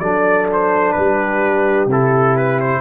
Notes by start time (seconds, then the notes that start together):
0.00 F#3 D4 A4 D5
0.53 C5
0.93 G3 B4
0.99 G4
1.87 C3 E4 A4
2.37 B4
2.61 C5